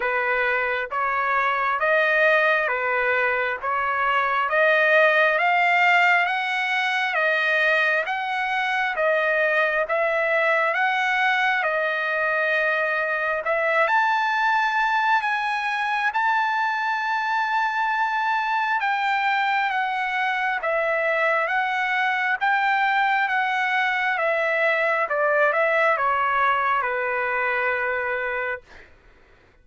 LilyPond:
\new Staff \with { instrumentName = "trumpet" } { \time 4/4 \tempo 4 = 67 b'4 cis''4 dis''4 b'4 | cis''4 dis''4 f''4 fis''4 | dis''4 fis''4 dis''4 e''4 | fis''4 dis''2 e''8 a''8~ |
a''4 gis''4 a''2~ | a''4 g''4 fis''4 e''4 | fis''4 g''4 fis''4 e''4 | d''8 e''8 cis''4 b'2 | }